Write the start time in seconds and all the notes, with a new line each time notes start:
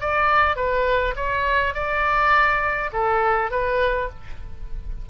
0.00 D5
0.56 B4
1.15 C#5
1.73 D5
2.92 A4
3.50 B4